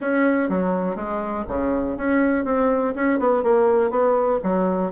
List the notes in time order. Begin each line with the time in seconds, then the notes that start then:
0.00 C#4
0.49 F#3
0.95 G#3
1.48 C#3
1.97 C#4
2.45 C4
2.95 C#4
3.19 B3
3.43 A#3
3.90 B3
4.43 F#3